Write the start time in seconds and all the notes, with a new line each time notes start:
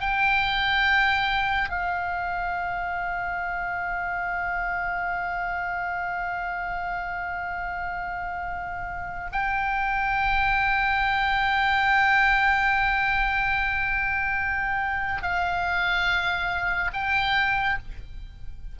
0.00 G5
1.69 F5
9.31 G5
15.22 F5
16.93 G5